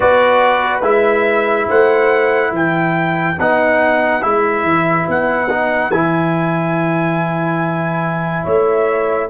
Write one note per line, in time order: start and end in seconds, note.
0.00 0.81 B3
0.00 0.82 F#4
0.00 1.68 B4
0.00 0.80 D5
0.81 1.66 G#3
0.81 3.36 E4
0.81 1.68 E5
1.68 2.51 A3
1.68 2.52 C5
1.68 2.54 F#5
2.51 3.36 E3
2.51 8.43 B4
2.51 3.39 G5
3.39 4.23 B3
3.39 4.21 D#4
3.39 4.22 F#5
4.21 4.63 G#3
4.21 5.48 E4
4.21 5.07 E5
4.63 5.05 E3
5.08 5.90 B3
5.08 5.91 F#5
5.49 5.91 D#4
5.90 8.43 E3
5.90 9.30 E4
5.90 8.44 G#5
8.43 9.30 A3
8.43 9.28 C#5
8.43 9.30 E5